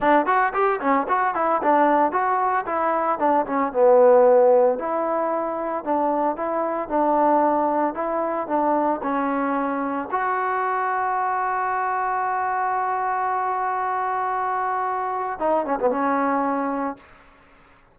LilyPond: \new Staff \with { instrumentName = "trombone" } { \time 4/4 \tempo 4 = 113 d'8 fis'8 g'8 cis'8 fis'8 e'8 d'4 | fis'4 e'4 d'8 cis'8 b4~ | b4 e'2 d'4 | e'4 d'2 e'4 |
d'4 cis'2 fis'4~ | fis'1~ | fis'1~ | fis'4 dis'8 cis'16 b16 cis'2 | }